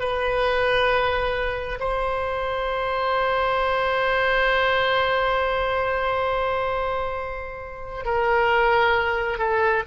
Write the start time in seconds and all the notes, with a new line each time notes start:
0.00 B4
1.80 C5
8.05 A#4
9.39 A4